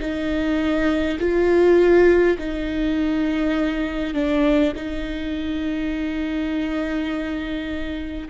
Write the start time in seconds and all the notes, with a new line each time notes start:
0.00 D#4
1.20 F4
2.39 D#4
4.14 D4
4.75 D#4